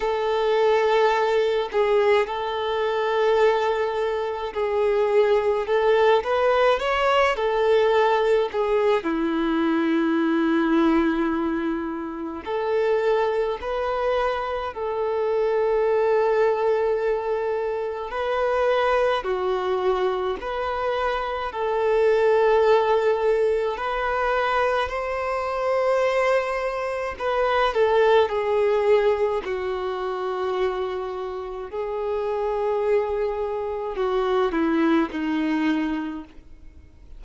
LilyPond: \new Staff \with { instrumentName = "violin" } { \time 4/4 \tempo 4 = 53 a'4. gis'8 a'2 | gis'4 a'8 b'8 cis''8 a'4 gis'8 | e'2. a'4 | b'4 a'2. |
b'4 fis'4 b'4 a'4~ | a'4 b'4 c''2 | b'8 a'8 gis'4 fis'2 | gis'2 fis'8 e'8 dis'4 | }